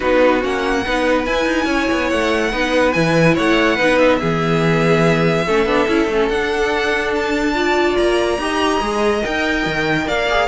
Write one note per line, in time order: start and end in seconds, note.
0.00 0.43 B3
0.00 0.42 D#4
0.00 0.81 F#4
0.00 0.41 B4
0.42 0.85 A#3
0.42 0.84 C#4
0.42 1.25 F#5
0.85 1.26 B3
0.85 1.26 D#4
0.85 1.65 B4
1.25 2.51 E4
1.25 1.45 E4
1.25 2.09 G#5
1.45 1.65 D#4
1.65 1.86 C#4
1.65 2.49 C#5
1.91 2.12 B3
2.09 2.53 A3
2.09 2.92 F#5
2.51 2.95 B3
2.51 2.93 D#4
2.51 3.34 B4
2.92 3.37 E3
2.92 3.78 E4
2.92 3.34 G#5
3.34 3.78 A3
3.34 3.75 C#5
3.34 3.98 F#5
3.75 4.20 B3
3.75 4.19 D#4
3.75 4.17 B4
3.98 6.29 E5
4.19 5.47 E3
4.19 5.45 B3
4.19 5.45 G#4
5.46 5.65 A3
5.46 5.66 C#4
5.46 7.55 A4
5.65 5.86 B3
5.65 5.87 D4
5.87 6.07 C#4
5.87 6.08 E4
6.07 6.28 A3
6.07 6.32 C#4
6.29 7.97 D4
6.29 7.53 D4
6.29 7.13 F#5
7.15 7.96 A5
7.53 8.37 F4
7.53 8.40 D5
7.96 8.38 A#3
7.96 9.22 A#5
8.38 8.80 D#4
8.38 8.82 G4
8.38 10.06 D#5
8.80 9.22 G#3
8.80 9.21 G#4
9.21 9.65 D#4
9.21 10.26 A#4
9.21 10.08 G5
9.65 10.07 D#3
10.06 10.48 A#3
10.06 10.48 D5
10.06 10.48 F5
10.30 10.48 G#4